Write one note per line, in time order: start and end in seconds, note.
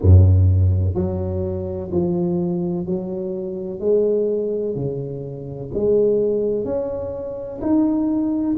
0.01 0.94 F#2
0.94 1.90 F#3
1.91 2.86 F3
2.86 3.79 F#3
3.79 4.74 G#3
4.75 5.70 C#3
5.74 6.64 G#3
6.64 7.59 C#4
7.61 8.56 D#4